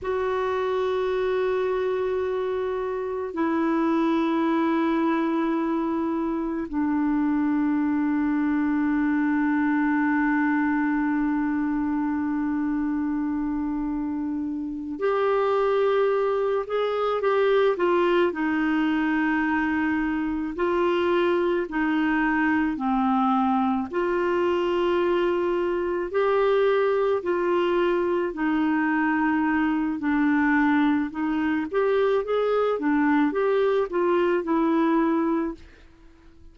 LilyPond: \new Staff \with { instrumentName = "clarinet" } { \time 4/4 \tempo 4 = 54 fis'2. e'4~ | e'2 d'2~ | d'1~ | d'4. g'4. gis'8 g'8 |
f'8 dis'2 f'4 dis'8~ | dis'8 c'4 f'2 g'8~ | g'8 f'4 dis'4. d'4 | dis'8 g'8 gis'8 d'8 g'8 f'8 e'4 | }